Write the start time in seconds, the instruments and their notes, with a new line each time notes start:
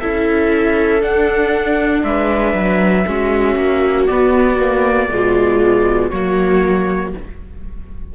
0.00 cello C#4, viola E4 A4, trumpet E5
1.01 viola D4, cello D4, trumpet F#5
2.03 cello G#3, viola B4, trumpet E5
2.54 cello F#3
3.06 cello G#3, viola C#4 F#4
3.56 cello A#3
4.06 viola B3, cello B3, trumpet D5
4.59 viola A#3
5.09 cello B2, viola G#3 F4
6.10 cello F#3, viola A#3 F#4, trumpet C#5